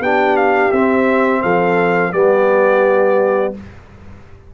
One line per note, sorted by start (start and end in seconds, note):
0.00 0.71 B3
0.00 0.74 D4
0.00 1.43 G4
0.00 0.37 G5
0.37 0.72 F5
0.72 1.43 C4
0.72 2.14 C4
0.72 1.42 E5
1.42 2.14 F3
1.42 2.14 A4
1.42 2.13 F5
2.13 3.55 G3
2.13 3.55 B3
2.13 3.55 G4
2.13 3.54 D5